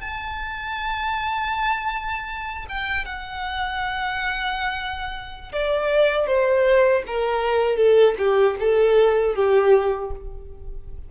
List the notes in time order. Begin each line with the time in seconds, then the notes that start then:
0.00 A5
2.69 G5
3.05 F#5
5.52 D5
6.27 C5
7.06 A#4
7.76 A4
8.18 G4
8.59 A4
9.35 G4